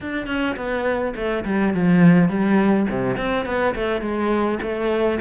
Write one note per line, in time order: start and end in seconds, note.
0.01 0.26 D4
0.26 0.55 C#4
0.56 1.14 B3
1.15 1.44 A3
1.44 1.73 G3
1.74 2.28 F3
2.28 2.86 G3
2.90 3.17 C3
3.17 3.45 C4
3.45 3.74 B3
3.74 4.01 A3
4.01 4.58 G#3
4.62 5.19 A3